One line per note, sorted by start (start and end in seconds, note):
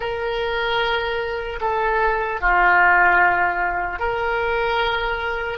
0.00 1.59 A#4
1.60 2.40 A4
2.40 3.99 F4
3.99 5.58 A#4